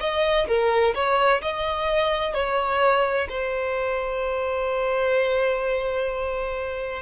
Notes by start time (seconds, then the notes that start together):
0.00 D#5
0.47 A#4
0.95 C#5
1.42 D#5
2.34 C#5
3.29 C5